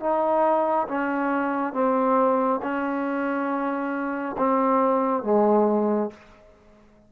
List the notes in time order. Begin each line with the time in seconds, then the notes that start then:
0.00 D#4
0.88 C#4
1.73 C4
2.62 C#4
4.37 C4
5.23 G#3